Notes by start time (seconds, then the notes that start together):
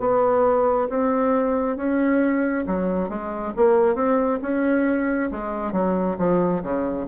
0.00 B3
0.89 C4
1.76 C#4
2.67 F#3
3.09 G#3
3.56 A#3
3.95 C4
4.42 C#4
5.31 G#3
5.72 F#3
6.18 F3
6.63 C#3